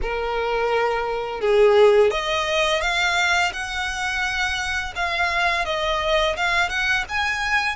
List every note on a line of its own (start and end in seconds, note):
0.02 1.41 A#4
1.41 2.10 G#4
2.10 2.81 D#5
2.81 3.51 F5
3.52 4.93 F#5
4.95 5.65 F5
5.65 6.35 D#5
6.36 6.69 F5
6.69 7.04 F#5
7.08 7.76 G#5